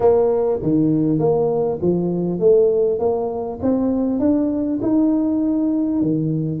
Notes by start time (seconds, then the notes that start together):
0.00 A#3
0.62 D#3
1.18 A#3
1.81 F3
2.39 A3
2.99 A#3
3.62 C4
4.19 D4
4.82 D#4
6.01 D#3